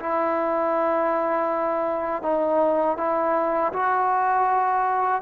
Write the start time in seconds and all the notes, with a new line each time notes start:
0.00 E4
2.23 D#4
2.98 E4
3.73 F#4